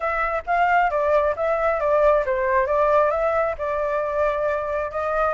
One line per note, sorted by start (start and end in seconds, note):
0.00 0.42 E5
0.46 0.90 F5
0.90 1.34 D5
1.36 1.79 E5
1.79 2.24 D5
2.25 2.66 C5
2.66 3.10 D5
3.11 3.55 E5
3.58 4.91 D5
4.91 5.34 D#5